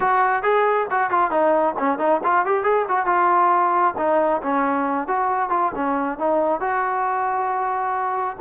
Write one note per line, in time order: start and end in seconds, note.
0.00 0.42 F#4
0.42 0.86 G#4
0.90 1.10 F#4
1.10 1.30 F4
1.30 1.74 D#4
1.78 1.98 C#4
1.98 2.20 D#4
2.23 2.45 F4
2.45 2.63 G4
2.63 2.85 G#4
2.88 3.06 F#4
3.06 3.94 F4
3.97 4.41 D#4
4.42 5.07 C#4
5.07 5.49 F#4
5.49 5.71 F4
5.75 6.18 C#4
6.18 6.60 D#4
6.60 8.36 F#4